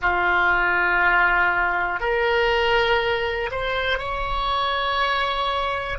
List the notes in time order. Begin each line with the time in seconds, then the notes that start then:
0.01 F4
2.00 A#4
3.51 C5
3.98 C#5